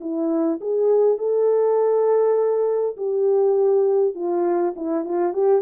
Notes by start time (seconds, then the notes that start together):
0.00 E4
0.60 G#4
1.18 A4
2.96 G4
4.15 F4
4.76 E4
5.05 F4
5.33 G4